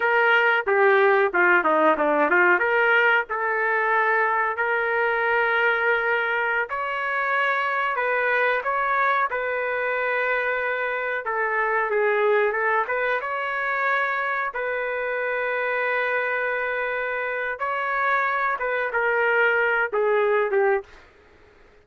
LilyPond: \new Staff \with { instrumentName = "trumpet" } { \time 4/4 \tempo 4 = 92 ais'4 g'4 f'8 dis'8 d'8 f'8 | ais'4 a'2 ais'4~ | ais'2~ ais'16 cis''4.~ cis''16~ | cis''16 b'4 cis''4 b'4.~ b'16~ |
b'4~ b'16 a'4 gis'4 a'8 b'16~ | b'16 cis''2 b'4.~ b'16~ | b'2. cis''4~ | cis''8 b'8 ais'4. gis'4 g'8 | }